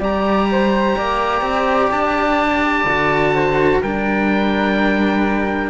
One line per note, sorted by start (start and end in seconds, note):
0.00 0.95 G3
0.00 2.86 G4
0.00 0.48 D5
0.00 1.92 A#5
0.52 0.97 C5
0.97 1.41 A#3
0.97 3.34 D5
1.41 1.89 C4
1.92 2.85 D4
1.92 3.83 A5
2.85 3.80 D3
2.85 3.84 F#4
3.34 3.82 C5
3.82 5.70 G3
3.82 5.70 D4
3.82 5.70 A#4
3.82 5.70 G5